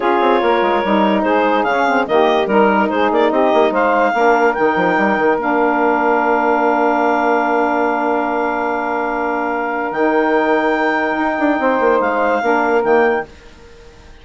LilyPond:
<<
  \new Staff \with { instrumentName = "clarinet" } { \time 4/4 \tempo 4 = 145 cis''2. c''4 | f''4 dis''4 ais'4 c''8 d''8 | dis''4 f''2 g''4~ | g''4 f''2.~ |
f''1~ | f''1 | g''1~ | g''4 f''2 g''4 | }
  \new Staff \with { instrumentName = "saxophone" } { \time 4/4 gis'4 ais'2 gis'4~ | gis'4 g'4 ais'4 gis'4 | g'4 c''4 ais'2~ | ais'1~ |
ais'1~ | ais'1~ | ais'1 | c''2 ais'2 | }
  \new Staff \with { instrumentName = "saxophone" } { \time 4/4 f'2 dis'2 | cis'8 c'8 ais4 dis'2~ | dis'2 d'4 dis'4~ | dis'4 d'2.~ |
d'1~ | d'1 | dis'1~ | dis'2 d'4 ais4 | }
  \new Staff \with { instrumentName = "bassoon" } { \time 4/4 cis'8 c'8 ais8 gis8 g4 gis4 | cis4 dis4 g4 gis8 ais8 | c'8 ais8 gis4 ais4 dis8 f8 | g8 dis8 ais2.~ |
ais1~ | ais1 | dis2. dis'8 d'8 | c'8 ais8 gis4 ais4 dis4 | }
>>